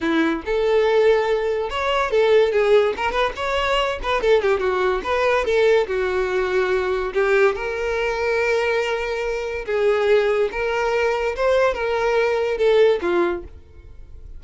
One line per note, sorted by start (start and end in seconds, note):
0.00 0.42 E4
0.45 1.69 A4
1.69 2.10 C#5
2.10 2.52 A4
2.52 2.94 G#4
2.97 3.11 A#4
3.11 3.32 B4
3.36 3.99 C#5
4.02 4.21 B4
4.21 4.42 A4
4.42 4.59 G4
4.59 5.01 F#4
5.03 5.45 B4
5.45 5.86 A4
5.87 7.13 F#4
7.13 7.55 G4
7.55 9.65 A#4
9.65 10.49 G#4
10.51 11.35 A#4
11.36 11.74 C5
11.74 12.57 A#4
12.57 12.99 A4
13.01 13.43 F4